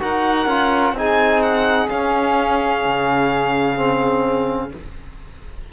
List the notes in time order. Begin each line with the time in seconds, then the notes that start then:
0.00 D#4 F#4 A#4 F#5
0.46 C#4 F4
0.93 C4 D#4 G#4
0.99 G#5
1.42 F#5
1.89 C#4 F5
2.85 C#3
3.76 C4